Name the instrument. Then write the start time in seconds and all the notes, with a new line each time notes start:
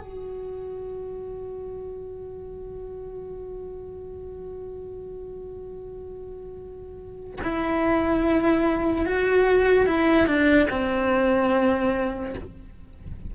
cello
0.00 F#4
7.43 E4
9.06 F#4
9.86 E4
10.27 D4
10.70 C4